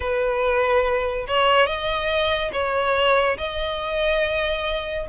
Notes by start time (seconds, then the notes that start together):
0.00 B4
1.27 C#5
1.66 D#5
2.52 C#5
3.37 D#5